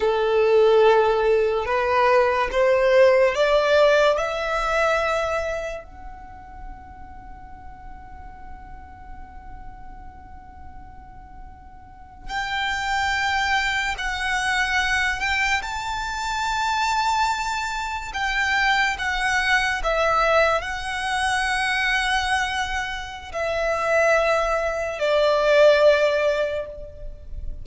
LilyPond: \new Staff \with { instrumentName = "violin" } { \time 4/4 \tempo 4 = 72 a'2 b'4 c''4 | d''4 e''2 fis''4~ | fis''1~ | fis''2~ fis''8. g''4~ g''16~ |
g''8. fis''4. g''8 a''4~ a''16~ | a''4.~ a''16 g''4 fis''4 e''16~ | e''8. fis''2.~ fis''16 | e''2 d''2 | }